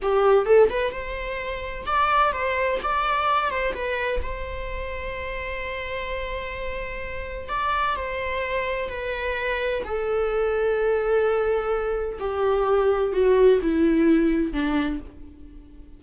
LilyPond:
\new Staff \with { instrumentName = "viola" } { \time 4/4 \tempo 4 = 128 g'4 a'8 b'8 c''2 | d''4 c''4 d''4. c''8 | b'4 c''2.~ | c''1 |
d''4 c''2 b'4~ | b'4 a'2.~ | a'2 g'2 | fis'4 e'2 d'4 | }